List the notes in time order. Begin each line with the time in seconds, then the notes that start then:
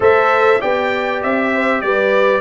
0.00 A3 A4 C5 E5
0.60 B3 G4 D5 G5
1.22 C4 E5
1.53 C5
1.81 G3 B4 D5